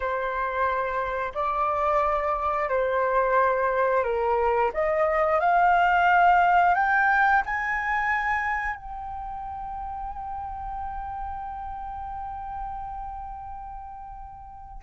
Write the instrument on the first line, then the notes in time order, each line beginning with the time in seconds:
flute
0.00 C5
1.34 D5
2.69 C5
4.03 A#4
4.73 D#5
5.40 F5
6.74 G5
7.45 G#5
8.75 G5